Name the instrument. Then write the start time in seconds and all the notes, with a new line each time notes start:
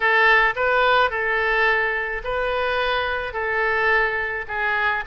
oboe
0.00 A4
0.55 B4
1.10 A4
2.24 B4
3.33 A4
4.47 G#4